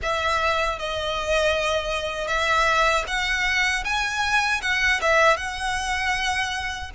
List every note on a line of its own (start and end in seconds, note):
0.02 0.79 E5
0.79 2.27 D#5
2.27 3.04 E5
3.07 3.84 F#5
3.84 4.61 G#5
4.62 5.00 F#5
5.01 5.37 E5
5.37 6.90 F#5